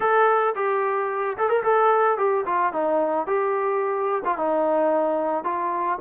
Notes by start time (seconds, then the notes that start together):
0.00 A4
0.55 G4
1.37 A4
1.49 A#4
1.63 A4
2.17 G4
2.45 F4
2.72 D#4
3.27 G4
4.24 F4
4.37 D#4
5.44 F4